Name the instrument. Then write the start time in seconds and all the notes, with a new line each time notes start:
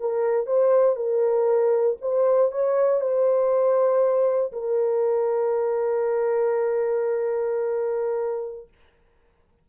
horn
0.00 A#4
0.46 C5
0.96 A#4
2.01 C5
2.52 C#5
3.00 C5
4.52 A#4